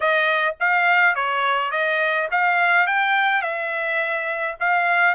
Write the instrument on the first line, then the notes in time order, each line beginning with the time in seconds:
trumpet
0.00 D#5
0.59 F5
1.15 C#5
1.71 D#5
2.31 F5
2.86 G5
3.41 E5
4.59 F5